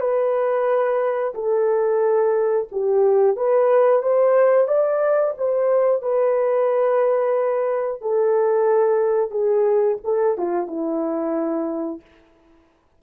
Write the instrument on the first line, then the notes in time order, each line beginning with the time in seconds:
horn
0.00 B4
1.34 A4
2.71 G4
3.36 B4
4.02 C5
4.68 D5
5.38 C5
6.02 B4
8.01 A4
9.31 G#4
10.04 A4
10.38 F4
10.67 E4